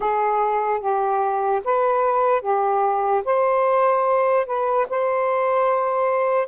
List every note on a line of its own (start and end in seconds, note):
0.00 0.80 G#4
0.80 1.61 G4
1.64 2.41 B4
2.41 3.22 G4
3.24 4.46 C5
4.46 4.86 B4
4.89 6.47 C5